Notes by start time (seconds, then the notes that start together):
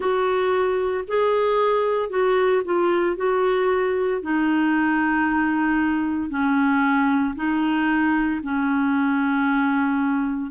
0.00 F#4
1.07 G#4
2.09 F#4
2.65 F4
3.16 F#4
4.21 D#4
6.29 C#4
7.35 D#4
8.43 C#4